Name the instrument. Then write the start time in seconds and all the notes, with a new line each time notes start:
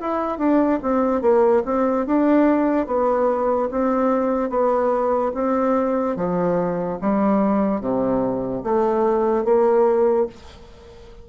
bassoon
0.00 E4
0.38 D4
0.82 C4
1.21 A#3
1.65 C4
2.06 D4
2.87 B3
3.71 C4
4.50 B3
5.34 C4
6.16 F3
7.01 G3
7.80 C3
8.63 A3
9.44 A#3